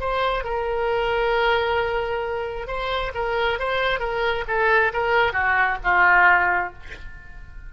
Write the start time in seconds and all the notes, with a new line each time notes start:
0.00 C5
0.44 A#4
2.67 C5
3.15 A#4
3.60 C5
4.00 A#4
4.48 A4
4.94 A#4
5.33 F#4
5.84 F4